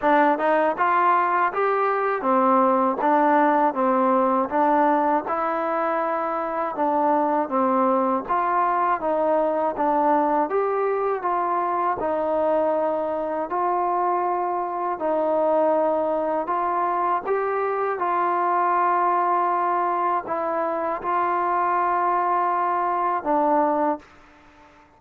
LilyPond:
\new Staff \with { instrumentName = "trombone" } { \time 4/4 \tempo 4 = 80 d'8 dis'8 f'4 g'4 c'4 | d'4 c'4 d'4 e'4~ | e'4 d'4 c'4 f'4 | dis'4 d'4 g'4 f'4 |
dis'2 f'2 | dis'2 f'4 g'4 | f'2. e'4 | f'2. d'4 | }